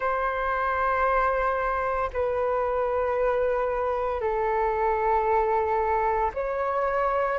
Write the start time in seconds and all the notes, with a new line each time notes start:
0.00 C5
2.13 B4
4.21 A4
6.33 C#5